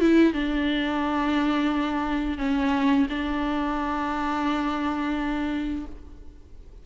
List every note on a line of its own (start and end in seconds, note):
0.00 0.33 E4
0.33 2.38 D4
2.38 3.07 C#4
3.09 5.85 D4